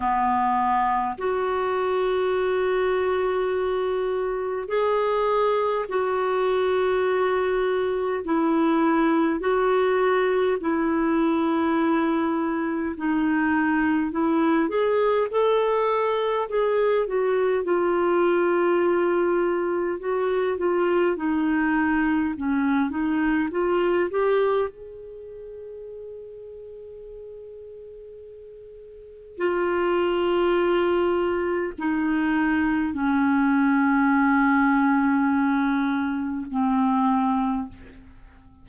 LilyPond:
\new Staff \with { instrumentName = "clarinet" } { \time 4/4 \tempo 4 = 51 b4 fis'2. | gis'4 fis'2 e'4 | fis'4 e'2 dis'4 | e'8 gis'8 a'4 gis'8 fis'8 f'4~ |
f'4 fis'8 f'8 dis'4 cis'8 dis'8 | f'8 g'8 gis'2.~ | gis'4 f'2 dis'4 | cis'2. c'4 | }